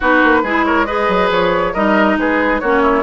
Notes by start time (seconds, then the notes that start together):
0.00 B3 D#4 F#4 B4
0.23 A#3
0.43 G#3 E4 G#4
0.65 A#4 C#5
0.85 G#4 B4 D#5
1.08 F#3
1.30 F3 C#5
1.73 G3 D#4 A#4 D#5
2.17 G#3 G#4 B4
2.60 A#3 C#4 F#4 C#5
2.81 E4